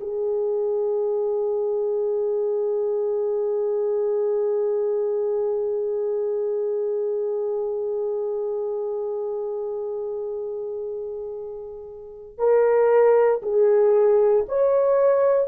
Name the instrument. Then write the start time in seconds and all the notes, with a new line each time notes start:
horn
0.00 G#4
12.38 A#4
13.42 G#4
14.48 C#5